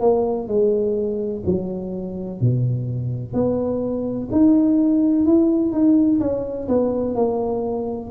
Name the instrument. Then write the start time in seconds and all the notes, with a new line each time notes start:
tuba
0.00 A#3
0.48 G#3
1.46 F#3
2.41 B2
3.33 B3
4.31 D#4
5.25 E4
5.72 D#4
6.20 C#4
6.68 B3
7.15 A#3